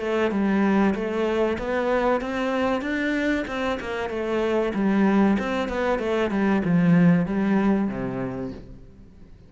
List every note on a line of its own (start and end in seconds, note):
0.00 0.32 A3
0.32 0.95 G3
0.95 1.58 A3
1.59 2.21 B3
2.21 2.82 C4
2.82 3.45 D4
3.48 3.80 C4
3.81 4.10 A#3
4.10 4.73 A3
4.75 5.38 G3
5.39 5.69 C4
5.69 6.00 B3
6.00 6.31 A3
6.31 6.63 G3
6.65 7.26 F3
7.26 7.89 G3
7.89 8.52 C3